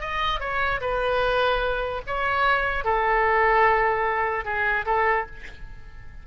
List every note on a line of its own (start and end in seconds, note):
0.00 0.40 D#5
0.40 0.80 C#5
0.81 2.02 B4
2.07 2.84 C#5
2.84 4.45 A4
4.45 4.85 G#4
4.85 5.26 A4